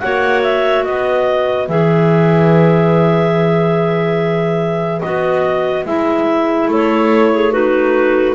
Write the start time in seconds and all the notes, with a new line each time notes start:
0.00 A#3 F#4 C#5 F#5
0.43 E5
0.85 B3 B4 D#5
1.68 E3 G#4 E5
5.01 B3 F#4 D#5
5.86 G#3 E4 E5
6.68 A3 A4 C#5
7.34 G#4
7.51 D#4 F#4 B4